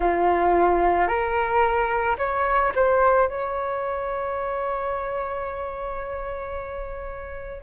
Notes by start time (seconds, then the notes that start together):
0.00 F4
1.07 A#4
2.18 C#5
2.75 C5
3.28 C#5